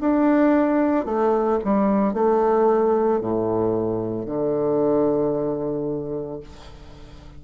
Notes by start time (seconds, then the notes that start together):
0.00 D4
1.05 A3
1.64 G3
2.13 A3
3.20 A2
4.26 D3